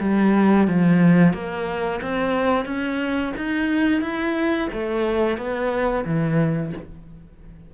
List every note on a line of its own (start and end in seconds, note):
0.00 0.67 G3
0.67 1.34 F3
1.34 2.01 A#3
2.02 2.66 C4
2.66 3.33 C#4
3.37 4.01 D#4
4.01 4.69 E4
4.73 5.37 A3
5.37 6.05 B3
6.06 6.73 E3